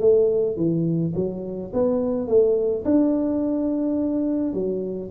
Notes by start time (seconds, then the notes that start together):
0.00 A3
0.57 E3
1.16 F#3
1.73 B3
2.28 A3
2.85 D4
4.54 F#3